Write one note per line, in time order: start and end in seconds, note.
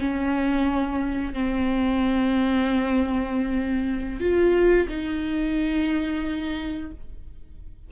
0.00 1.34 C#4
1.34 4.20 C4
4.20 4.88 F4
4.89 6.91 D#4